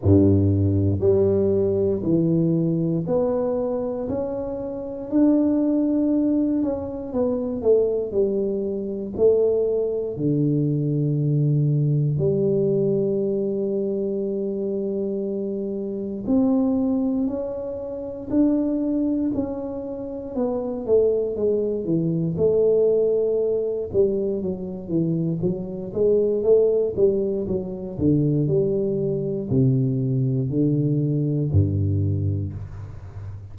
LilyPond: \new Staff \with { instrumentName = "tuba" } { \time 4/4 \tempo 4 = 59 g,4 g4 e4 b4 | cis'4 d'4. cis'8 b8 a8 | g4 a4 d2 | g1 |
c'4 cis'4 d'4 cis'4 | b8 a8 gis8 e8 a4. g8 | fis8 e8 fis8 gis8 a8 g8 fis8 d8 | g4 c4 d4 g,4 | }